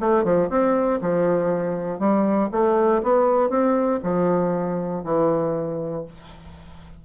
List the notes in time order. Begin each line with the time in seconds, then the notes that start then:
0.00 A3
0.24 F3
0.49 C4
1.01 F3
1.99 G3
2.51 A3
3.03 B3
3.50 C4
4.03 F3
5.04 E3